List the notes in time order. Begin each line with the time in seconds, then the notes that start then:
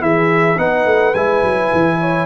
0.00 E3 E4 G#4 E5
0.58 B3 D#4 B4 F#5
0.86 A3
1.14 G#3 E4 G#5
1.43 F#3
1.74 E3
2.01 C#5